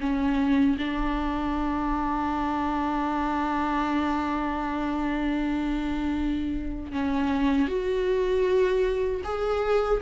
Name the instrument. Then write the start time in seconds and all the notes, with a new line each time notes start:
viola
0.00 C#4
0.78 D4
6.92 C#4
7.68 F#4
9.24 G#4